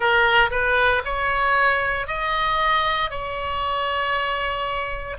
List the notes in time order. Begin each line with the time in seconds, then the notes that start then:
0.00 A#4
0.50 B4
1.04 C#5
2.07 D#5
3.10 C#5